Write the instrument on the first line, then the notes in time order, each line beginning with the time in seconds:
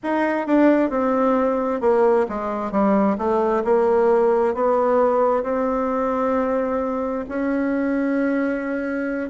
bassoon
0.03 D#4
0.46 D4
0.90 C4
1.81 A#3
2.28 G#3
2.71 G3
3.17 A3
3.64 A#3
4.54 B3
5.43 C4
7.28 C#4